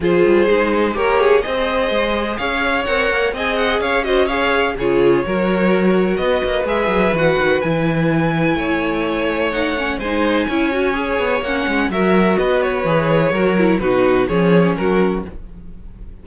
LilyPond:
<<
  \new Staff \with { instrumentName = "violin" } { \time 4/4 \tempo 4 = 126 c''2 ais'8 gis'8 dis''4~ | dis''4 f''4 fis''4 gis''8 fis''8 | f''8 dis''8 f''4 cis''2~ | cis''4 dis''4 e''4 fis''4 |
gis''1 | fis''4 gis''2. | fis''4 e''4 dis''8 cis''4.~ | cis''4 b'4 cis''4 ais'4 | }
  \new Staff \with { instrumentName = "violin" } { \time 4/4 gis'2 cis''4 c''4~ | c''4 cis''2 dis''4 | cis''8 c''8 cis''4 gis'4 ais'4~ | ais'4 b'2.~ |
b'2 cis''2~ | cis''4 c''4 cis''2~ | cis''4 ais'4 b'2 | ais'4 fis'4 gis'4 fis'4 | }
  \new Staff \with { instrumentName = "viola" } { \time 4/4 f'4 dis'4 g'4 gis'4~ | gis'2 ais'4 gis'4~ | gis'8 fis'8 gis'4 f'4 fis'4~ | fis'2 gis'4 fis'4 |
e'1 | dis'8 cis'8 dis'4 e'8 fis'8 gis'4 | cis'4 fis'2 gis'4 | fis'8 e'8 dis'4 cis'2 | }
  \new Staff \with { instrumentName = "cello" } { \time 4/4 f8 g8 gis4 ais4 c'4 | gis4 cis'4 c'8 ais8 c'4 | cis'2 cis4 fis4~ | fis4 b8 ais8 gis8 fis8 e8 dis8 |
e2 a2~ | a4 gis4 cis'4. b8 | ais8 gis8 fis4 b4 e4 | fis4 b,4 f4 fis4 | }
>>